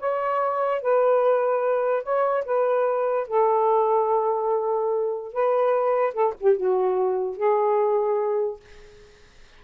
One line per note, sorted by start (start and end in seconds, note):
0.00 0.82 C#5
0.82 2.03 B4
2.03 2.45 C#5
2.46 3.28 B4
3.28 5.33 A4
5.33 6.14 B4
6.14 6.34 A4
6.40 6.57 G4
6.57 7.37 F#4
7.37 8.60 G#4